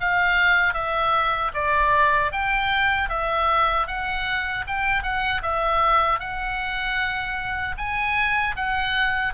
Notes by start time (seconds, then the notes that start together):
0.00 F5
0.73 E5
1.54 D5
2.32 G5
3.09 E5
3.87 F#5
4.67 G5
5.03 F#5
5.42 E5
6.19 F#5
7.77 G#5
8.56 F#5